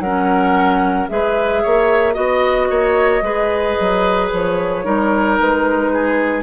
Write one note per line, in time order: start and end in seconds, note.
0.00 1.07 F#3
0.00 1.09 C#4
0.00 1.10 A#4
0.00 1.08 F#5
1.09 1.64 G#3
1.09 2.14 G#4
1.09 1.63 B4
1.09 2.14 E5
1.63 2.17 A#3
1.63 2.15 C#5
2.14 2.70 B3
2.14 3.21 F#4
2.14 4.28 D#5
2.14 2.68 D#5
2.70 3.22 A#3
2.70 3.24 C#5
3.22 3.75 G#3
3.22 4.85 G#4
3.22 4.85 B4
3.81 4.33 F#3
4.32 4.86 F3
4.32 5.39 C#5
4.85 5.39 G3
4.85 6.43 D#4
4.85 5.92 A#4
5.40 6.43 G#3
5.40 6.43 B4
5.93 6.43 G#4